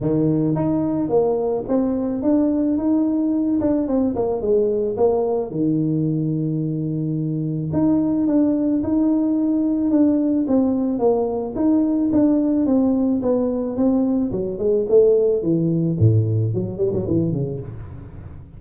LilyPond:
\new Staff \with { instrumentName = "tuba" } { \time 4/4 \tempo 4 = 109 dis4 dis'4 ais4 c'4 | d'4 dis'4. d'8 c'8 ais8 | gis4 ais4 dis2~ | dis2 dis'4 d'4 |
dis'2 d'4 c'4 | ais4 dis'4 d'4 c'4 | b4 c'4 fis8 gis8 a4 | e4 a,4 fis8 g16 fis16 e8 cis8 | }